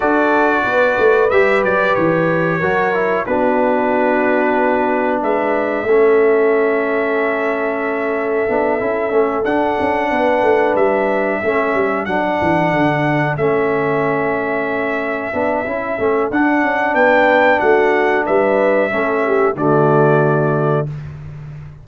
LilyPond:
<<
  \new Staff \with { instrumentName = "trumpet" } { \time 4/4 \tempo 4 = 92 d''2 e''8 d''8 cis''4~ | cis''4 b'2. | e''1~ | e''2~ e''8 fis''4.~ |
fis''8 e''2 fis''4.~ | fis''8 e''2.~ e''8~ | e''4 fis''4 g''4 fis''4 | e''2 d''2 | }
  \new Staff \with { instrumentName = "horn" } { \time 4/4 a'4 b'2. | ais'4 fis'2. | b'4 a'2.~ | a'2.~ a'8 b'8~ |
b'4. a'2~ a'8~ | a'1~ | a'2 b'4 fis'4 | b'4 a'8 g'8 fis'2 | }
  \new Staff \with { instrumentName = "trombone" } { \time 4/4 fis'2 g'2 | fis'8 e'8 d'2.~ | d'4 cis'2.~ | cis'4 d'8 e'8 cis'8 d'4.~ |
d'4. cis'4 d'4.~ | d'8 cis'2. d'8 | e'8 cis'8 d'2.~ | d'4 cis'4 a2 | }
  \new Staff \with { instrumentName = "tuba" } { \time 4/4 d'4 b8 a8 g8 fis8 e4 | fis4 b2. | gis4 a2.~ | a4 b8 cis'8 a8 d'8 cis'8 b8 |
a8 g4 a8 g8 fis8 e8 d8~ | d8 a2. b8 | cis'8 a8 d'8 cis'8 b4 a4 | g4 a4 d2 | }
>>